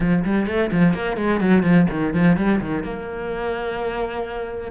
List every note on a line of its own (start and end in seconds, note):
0.00 0.24 F3
0.24 0.46 G3
0.46 0.70 A3
0.71 0.93 F3
0.93 1.16 A#3
1.16 1.40 G#3
1.40 1.63 F#3
1.63 1.86 F3
1.90 2.13 D#3
2.13 2.36 F3
2.36 2.60 G3
2.60 2.83 D#3
2.83 4.71 A#3